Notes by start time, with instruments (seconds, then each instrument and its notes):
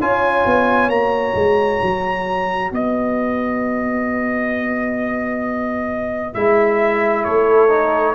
0.00 tuba C#4, trombone F4, horn C#5, trumpet G#5
0.46 tuba B3
0.89 tuba A#3, trombone F#4, trumpet A#5
1.35 tuba G#3
1.82 tuba F#3
2.71 tuba B3, horn B4, trumpet D#5
6.34 tuba G#3, trombone E4, trumpet E5
7.24 tuba A3, horn A4, trumpet C#5
7.70 trombone D#4